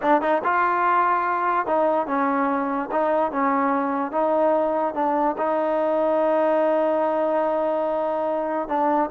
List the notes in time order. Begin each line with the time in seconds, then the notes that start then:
0.02 D4
0.21 D#4
0.43 F4
1.66 D#4
2.06 C#4
2.91 D#4
3.31 C#4
4.11 D#4
4.94 D4
5.37 D#4
8.68 D4